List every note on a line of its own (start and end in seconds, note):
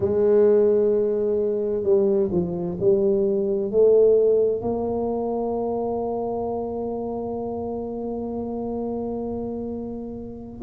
0.00 1.83 G#3
1.83 2.29 G3
2.31 2.77 F3
2.79 3.71 G3
3.71 4.61 A3
4.61 10.61 A#3